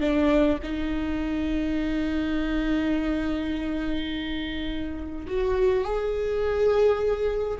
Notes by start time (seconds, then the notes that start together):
0.00 D4
0.63 D#4
5.27 F#4
5.84 G#4